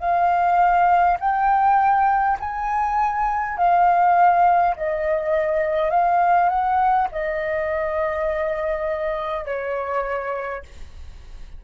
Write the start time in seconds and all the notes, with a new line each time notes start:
0.00 F5
1.20 G5
2.40 G#5
3.58 F5
4.76 D#5
5.91 F5
6.49 F#5
7.12 D#5
9.46 C#5